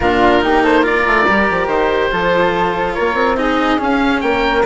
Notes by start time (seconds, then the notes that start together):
0.00 A#2 D4 F4 A#4
0.40 A#3 D#4 G4
0.63 A4 C5
0.81 F4 A#4 D5
1.06 A3
1.28 G3 G4
1.49 F3
1.67 D#3 C5
2.11 F3 F4 A4
2.93 A#3 A#4 C#5
3.14 C4
3.36 D#4 G#4 D#5
3.78 C#4 F5
4.20 A#3 A#4 G5